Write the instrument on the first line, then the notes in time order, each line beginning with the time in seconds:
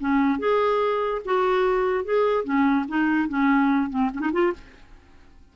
clarinet
0.00 C#4
0.39 G#4
1.25 F#4
2.05 G#4
2.44 C#4
2.88 D#4
3.29 C#4
3.90 C4
4.14 C#4
4.21 D#4
4.33 F4